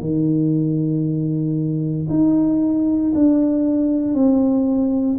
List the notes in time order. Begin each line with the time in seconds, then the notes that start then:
0.00 D#3
2.09 D#4
3.15 D4
4.14 C4